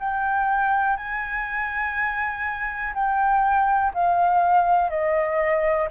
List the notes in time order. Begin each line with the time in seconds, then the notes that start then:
0.00 G5
0.97 G#5
2.95 G5
3.94 F5
4.90 D#5